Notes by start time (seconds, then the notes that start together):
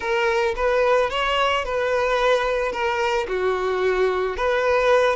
0.00 A#4
0.56 B4
1.10 C#5
1.65 B4
2.72 A#4
3.28 F#4
4.36 B4